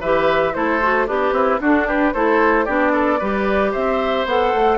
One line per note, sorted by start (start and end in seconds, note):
0.00 0.54 E3
0.00 0.54 G4
0.00 0.53 B4
0.00 0.54 E5
0.54 1.08 A3
0.54 0.80 E4
0.54 1.07 A4
0.54 1.07 C5
0.82 1.07 F#4
1.07 1.32 B3
1.07 1.33 D4
1.07 1.60 G4
1.07 1.61 B4
1.32 1.58 C4
1.32 1.60 E4
1.60 2.13 D4
1.60 2.14 D4
1.60 1.87 F#4
1.60 1.87 A4
1.87 2.13 G4
1.87 2.13 B4
2.13 2.68 A3
2.13 2.66 E4
2.13 2.65 A4
2.13 2.65 C5
2.65 3.21 B3
2.65 3.19 D4
2.65 2.91 G4
2.65 3.71 D5
2.92 3.19 A4
3.19 3.74 G3
3.19 4.27 G4
3.19 3.71 B4
3.71 4.25 C4
3.71 4.77 C5
3.71 4.26 E5
4.25 4.52 B3
4.25 4.78 A4
4.25 4.78 F#5
4.54 4.78 A3